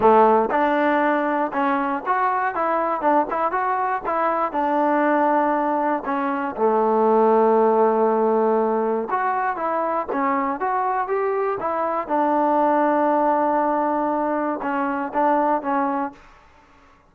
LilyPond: \new Staff \with { instrumentName = "trombone" } { \time 4/4 \tempo 4 = 119 a4 d'2 cis'4 | fis'4 e'4 d'8 e'8 fis'4 | e'4 d'2. | cis'4 a2.~ |
a2 fis'4 e'4 | cis'4 fis'4 g'4 e'4 | d'1~ | d'4 cis'4 d'4 cis'4 | }